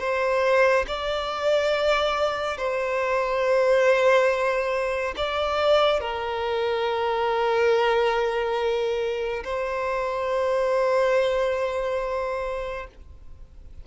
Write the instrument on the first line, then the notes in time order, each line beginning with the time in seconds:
violin
0.00 C5
0.88 D5
2.58 C5
5.17 D5
6.01 A#4
9.44 C5